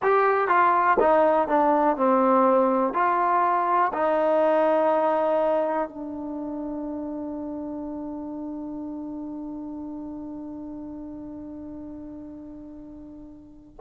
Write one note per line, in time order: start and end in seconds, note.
0.02 0.48 G4
0.48 0.97 F4
0.99 1.48 D#4
1.48 1.97 D4
1.97 2.93 C4
2.93 3.92 F4
3.93 5.88 D#4
5.88 13.75 D4